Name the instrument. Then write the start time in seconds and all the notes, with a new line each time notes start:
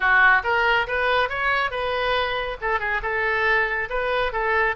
oboe
0.00 F#4
0.43 A#4
0.87 B4
1.29 C#5
1.71 B4
2.61 A4
2.79 G#4
3.02 A4
3.89 B4
4.32 A4